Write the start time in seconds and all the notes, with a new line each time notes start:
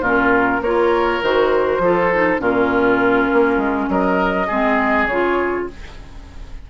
0.00 A#2 C#4 F4 A#4
0.61 A#3 F4 A#4 C#5
1.23 D#3 F#4 C5
1.79 F3 F4 A4
2.14 D#4
2.39 A#2 C#4 F4 A#4
3.33 A#3
3.57 G#3
3.88 F#3 A#4 D#5
4.47 G#3 C4 G#4
5.07 C#3 F4 C#5